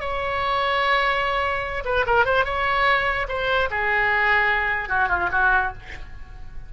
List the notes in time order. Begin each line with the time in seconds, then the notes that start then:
0.00 C#5
1.85 B4
2.06 A#4
2.25 C5
2.45 C#5
3.28 C5
3.71 G#4
4.89 F#4
5.09 F4
5.32 F#4